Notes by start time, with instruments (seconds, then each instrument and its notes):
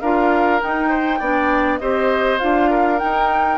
0.00 bassoon D4, clarinet F4, oboe A#4, flute F5
0.60 clarinet D#4, bassoon D#4, flute G5
0.89 oboe C5
1.19 bassoon B3, clarinet D4, oboe D5
1.78 bassoon C4, clarinet G4, oboe C5, flute D#5
2.39 bassoon D4, clarinet F4, flute F5
2.70 oboe A#4
2.98 clarinet D#4, bassoon D#4, flute G5